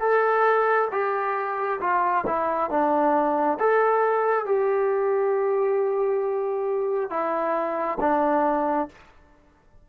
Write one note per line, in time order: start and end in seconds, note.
0.00 0.88 A4
0.92 1.80 G4
1.81 2.25 F4
2.27 2.70 E4
2.70 3.59 D4
3.60 4.46 A4
4.46 7.10 G4
7.10 7.99 E4
8.01 8.89 D4